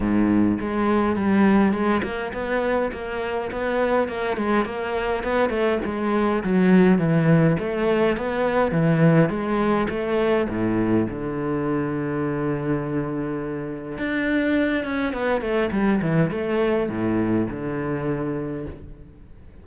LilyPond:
\new Staff \with { instrumentName = "cello" } { \time 4/4 \tempo 4 = 103 gis,4 gis4 g4 gis8 ais8 | b4 ais4 b4 ais8 gis8 | ais4 b8 a8 gis4 fis4 | e4 a4 b4 e4 |
gis4 a4 a,4 d4~ | d1 | d'4. cis'8 b8 a8 g8 e8 | a4 a,4 d2 | }